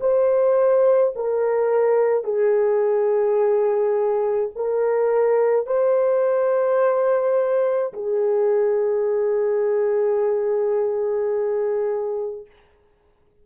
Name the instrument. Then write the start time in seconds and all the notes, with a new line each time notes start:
horn
0.00 C5
1.15 A#4
2.23 G#4
4.55 A#4
5.66 C5
7.93 G#4